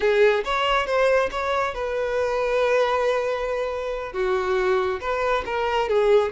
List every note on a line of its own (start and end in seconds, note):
0.00 0.43 G#4
0.44 0.86 C#5
0.86 1.29 C5
1.31 1.74 C#5
1.74 4.13 B4
4.13 5.00 F#4
5.00 5.44 B4
5.45 5.89 A#4
5.89 6.32 G#4